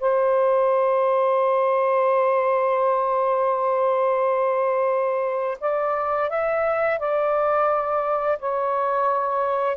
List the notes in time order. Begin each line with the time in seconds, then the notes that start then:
0.00 C5
5.60 D5
6.30 E5
6.99 D5
8.39 C#5